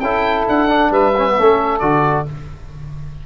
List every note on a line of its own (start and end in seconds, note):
0.00 0.45 C#4
0.00 0.68 E4
0.00 0.89 A4
0.00 0.45 G5
0.48 0.90 D4
0.48 0.92 F#5
0.68 1.12 D4
0.89 1.35 G3
0.89 1.34 B4
0.89 1.79 E5
1.17 1.27 C#4
1.27 1.39 B3
1.36 1.81 A3
1.36 1.81 C#4
1.36 2.26 A4
1.79 2.26 D3
1.79 2.26 F#4
1.79 2.23 D5